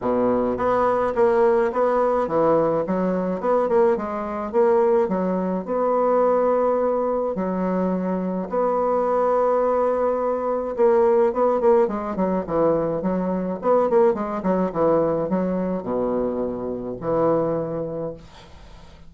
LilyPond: \new Staff \with { instrumentName = "bassoon" } { \time 4/4 \tempo 4 = 106 b,4 b4 ais4 b4 | e4 fis4 b8 ais8 gis4 | ais4 fis4 b2~ | b4 fis2 b4~ |
b2. ais4 | b8 ais8 gis8 fis8 e4 fis4 | b8 ais8 gis8 fis8 e4 fis4 | b,2 e2 | }